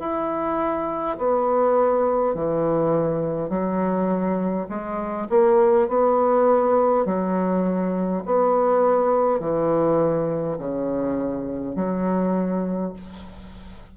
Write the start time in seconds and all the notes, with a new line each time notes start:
0.00 E4
1.18 B3
2.35 E3
3.50 F#3
4.70 G#3
5.30 A#3
5.89 B3
7.06 F#3
8.26 B3
9.41 E3
10.59 C#3
11.76 F#3